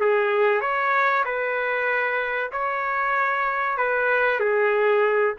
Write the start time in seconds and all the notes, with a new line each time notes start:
0.00 G#4
0.61 C#5
1.25 B4
2.51 C#5
3.77 B4
4.39 G#4